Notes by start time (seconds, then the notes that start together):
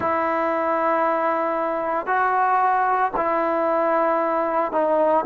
0.00 E4
2.06 F#4
3.16 E4
4.72 D#4